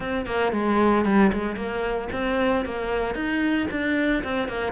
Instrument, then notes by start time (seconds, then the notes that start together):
cello
0.00 C4
0.26 A#3
0.52 G#3
1.05 G3
1.32 G#3
1.56 A#3
2.12 C4
2.65 A#3
3.14 D#4
3.70 D4
4.23 C4
4.48 A#3